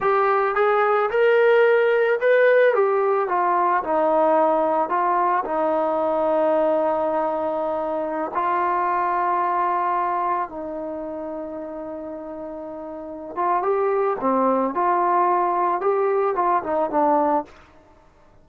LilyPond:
\new Staff \with { instrumentName = "trombone" } { \time 4/4 \tempo 4 = 110 g'4 gis'4 ais'2 | b'4 g'4 f'4 dis'4~ | dis'4 f'4 dis'2~ | dis'2.~ dis'16 f'8.~ |
f'2.~ f'16 dis'8.~ | dis'1~ | dis'8 f'8 g'4 c'4 f'4~ | f'4 g'4 f'8 dis'8 d'4 | }